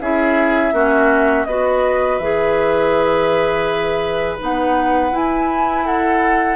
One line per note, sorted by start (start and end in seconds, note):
0.00 0.72 C#4
0.00 0.74 E4
0.00 0.74 G#4
0.00 1.45 E5
0.72 1.45 A#3
0.72 1.47 C#4
0.72 1.47 F#4
1.45 2.19 B3
1.45 2.21 F#4
1.45 5.85 B4
1.45 2.18 D#5
2.18 4.39 E3
2.18 4.39 G#4
2.18 4.37 E5
4.39 5.11 B3
4.39 5.11 D#4
4.39 5.16 F#5
5.11 6.56 E4
5.11 5.86 G#5
5.85 6.56 A4
5.85 6.56 F#5